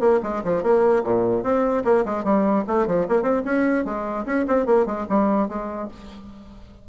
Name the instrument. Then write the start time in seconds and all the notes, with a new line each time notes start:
bassoon
0.00 A#3
0.23 G#3
0.44 F3
0.63 A#3
1.04 A#2
1.43 C4
1.84 A#3
2.05 G#3
2.24 G3
2.67 A3
2.87 F3
3.08 A#3
3.22 C4
3.45 C#4
3.85 G#3
4.26 C#4
4.48 C4
4.66 A#3
4.86 G#3
5.09 G3
5.48 G#3